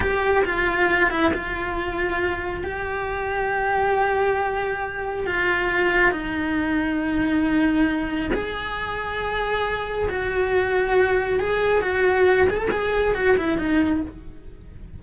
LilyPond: \new Staff \with { instrumentName = "cello" } { \time 4/4 \tempo 4 = 137 g'4 f'4. e'8 f'4~ | f'2 g'2~ | g'1 | f'2 dis'2~ |
dis'2. gis'4~ | gis'2. fis'4~ | fis'2 gis'4 fis'4~ | fis'8 gis'16 a'16 gis'4 fis'8 e'8 dis'4 | }